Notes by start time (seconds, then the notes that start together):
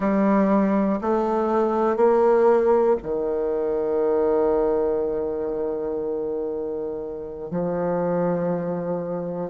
0.00 G3
1.00 A3
1.96 A#3
3.02 D#3
7.50 F3